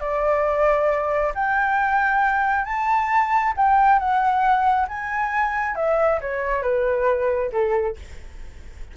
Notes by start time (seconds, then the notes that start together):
0.00 D5
1.35 G5
2.65 A5
3.57 G5
3.99 F#5
4.88 G#5
5.76 E5
6.21 C#5
6.62 B4
7.52 A4